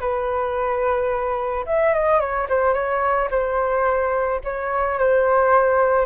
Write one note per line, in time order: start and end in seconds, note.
0.00 1.65 B4
1.66 1.94 E5
1.94 2.20 D#5
2.20 2.47 C#5
2.49 2.74 C5
2.74 3.29 C#5
3.31 4.41 C5
4.44 4.99 C#5
4.99 6.06 C5